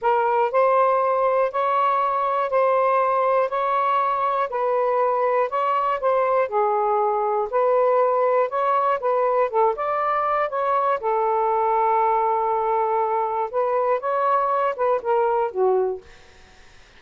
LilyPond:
\new Staff \with { instrumentName = "saxophone" } { \time 4/4 \tempo 4 = 120 ais'4 c''2 cis''4~ | cis''4 c''2 cis''4~ | cis''4 b'2 cis''4 | c''4 gis'2 b'4~ |
b'4 cis''4 b'4 a'8 d''8~ | d''4 cis''4 a'2~ | a'2. b'4 | cis''4. b'8 ais'4 fis'4 | }